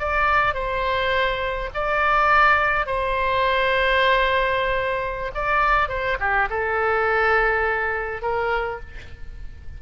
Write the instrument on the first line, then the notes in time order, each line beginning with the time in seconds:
oboe
0.00 D5
0.55 C5
1.75 D5
2.87 C5
5.35 D5
5.89 C5
6.20 G4
6.51 A4
8.22 A#4